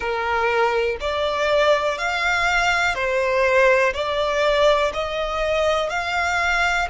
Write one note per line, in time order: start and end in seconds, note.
0.00 0.97 A#4
1.00 1.98 D5
1.98 2.94 F5
2.94 3.93 C5
3.93 4.91 D5
4.93 5.89 D#5
5.89 6.88 F5